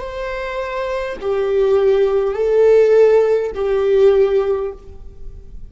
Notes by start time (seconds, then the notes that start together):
0.00 C5
1.21 G4
2.35 A4
3.55 G4